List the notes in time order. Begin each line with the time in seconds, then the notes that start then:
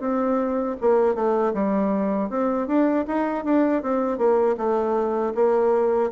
0.00 C4
0.81 A#3
1.15 A3
1.54 G3
2.30 C4
2.68 D4
3.08 D#4
3.45 D4
3.83 C4
4.18 A#3
4.58 A3
5.35 A#3